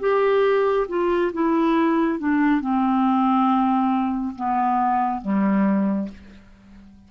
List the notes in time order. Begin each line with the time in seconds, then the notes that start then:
0.00 G4
0.89 F4
1.34 E4
2.19 D4
2.61 C4
4.36 B3
5.22 G3